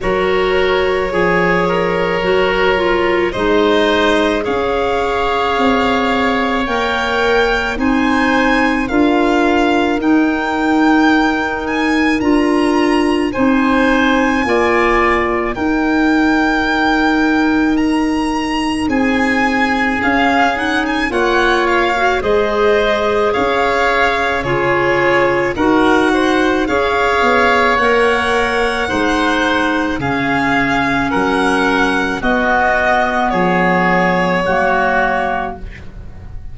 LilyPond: <<
  \new Staff \with { instrumentName = "violin" } { \time 4/4 \tempo 4 = 54 cis''2. dis''4 | f''2 g''4 gis''4 | f''4 g''4. gis''8 ais''4 | gis''2 g''2 |
ais''4 gis''4 f''8 fis''16 gis''16 fis''8 f''8 | dis''4 f''4 cis''4 fis''4 | f''4 fis''2 f''4 | fis''4 dis''4 cis''2 | }
  \new Staff \with { instrumentName = "oboe" } { \time 4/4 ais'4 gis'8 ais'4. c''4 | cis''2. c''4 | ais'1 | c''4 d''4 ais'2~ |
ais'4 gis'2 cis''4 | c''4 cis''4 gis'4 ais'8 c''8 | cis''2 c''4 gis'4 | ais'4 fis'4 gis'4 fis'4 | }
  \new Staff \with { instrumentName = "clarinet" } { \time 4/4 fis'4 gis'4 fis'8 f'8 dis'4 | gis'2 ais'4 dis'4 | f'4 dis'2 f'4 | dis'4 f'4 dis'2~ |
dis'2 cis'8 dis'8 f'8. fis'16 | gis'2 f'4 fis'4 | gis'4 ais'4 dis'4 cis'4~ | cis'4 b2 ais4 | }
  \new Staff \with { instrumentName = "tuba" } { \time 4/4 fis4 f4 fis4 gis4 | cis'4 c'4 ais4 c'4 | d'4 dis'2 d'4 | c'4 ais4 dis'2~ |
dis'4 c'4 cis'4 ais4 | gis4 cis'4 cis4 dis'4 | cis'8 b8 ais4 gis4 cis4 | fis4 b4 f4 fis4 | }
>>